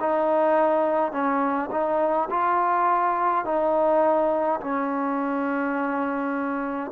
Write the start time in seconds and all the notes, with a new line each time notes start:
0.00 D#4
1.12 C#4
1.72 D#4
2.30 F4
3.45 D#4
4.60 C#4